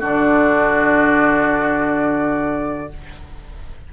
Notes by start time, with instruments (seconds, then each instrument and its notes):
0.00 bassoon D3, clarinet D4, oboe F#4, flute D5